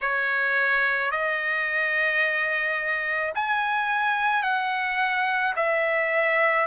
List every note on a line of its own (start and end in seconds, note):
0.01 1.11 C#5
1.11 3.33 D#5
3.34 4.42 G#5
4.42 5.54 F#5
5.56 6.67 E5